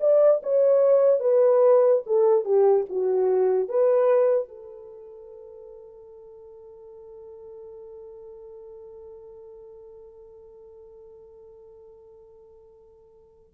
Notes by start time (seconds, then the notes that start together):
0.00 D5
0.43 C#5
1.20 B4
2.06 A4
2.45 G4
2.90 F#4
3.68 B4
4.48 A4